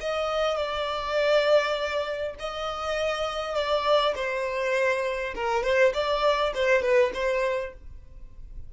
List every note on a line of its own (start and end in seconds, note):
0.00 0.56 D#5
0.56 2.35 D5
2.40 3.55 D#5
3.55 4.14 D5
4.15 5.34 C5
5.35 5.63 A#4
5.63 5.93 C5
5.94 6.53 D5
6.55 6.82 C5
6.82 7.12 B4
7.14 7.73 C5